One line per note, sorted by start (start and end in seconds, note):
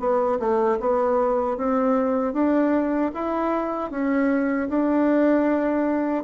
0.00 0.39 B3
0.40 0.79 A3
0.80 1.58 B3
1.58 2.34 C4
2.34 3.12 D4
3.15 3.91 E4
3.91 4.69 C#4
4.70 6.24 D4